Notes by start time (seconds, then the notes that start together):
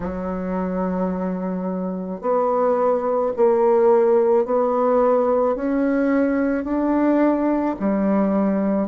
0.00 F#3
2.21 B3
3.36 A#3
4.45 B3
5.55 C#4
6.64 D4
7.79 G3